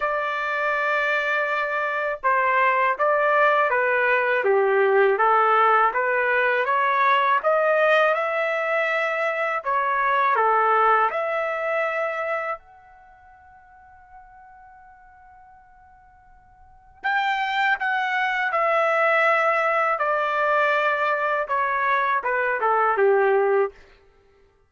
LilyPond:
\new Staff \with { instrumentName = "trumpet" } { \time 4/4 \tempo 4 = 81 d''2. c''4 | d''4 b'4 g'4 a'4 | b'4 cis''4 dis''4 e''4~ | e''4 cis''4 a'4 e''4~ |
e''4 fis''2.~ | fis''2. g''4 | fis''4 e''2 d''4~ | d''4 cis''4 b'8 a'8 g'4 | }